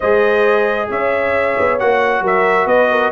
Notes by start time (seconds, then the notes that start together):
0.00 G#3 G#4 C5 D#5
0.89 C#4 C#5 E5
1.58 B3
1.79 A#3 F#4 F#5
2.21 F#3 A#4 E5
2.66 B3 B4 D#5
2.91 A#4